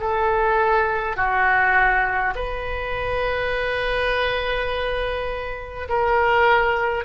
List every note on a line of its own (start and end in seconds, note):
0.00 1.17 A4
1.17 2.34 F#4
2.36 5.89 B4
5.89 7.05 A#4